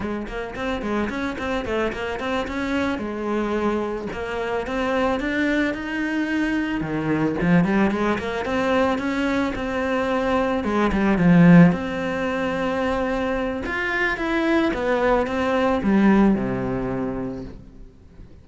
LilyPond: \new Staff \with { instrumentName = "cello" } { \time 4/4 \tempo 4 = 110 gis8 ais8 c'8 gis8 cis'8 c'8 a8 ais8 | c'8 cis'4 gis2 ais8~ | ais8 c'4 d'4 dis'4.~ | dis'8 dis4 f8 g8 gis8 ais8 c'8~ |
c'8 cis'4 c'2 gis8 | g8 f4 c'2~ c'8~ | c'4 f'4 e'4 b4 | c'4 g4 c2 | }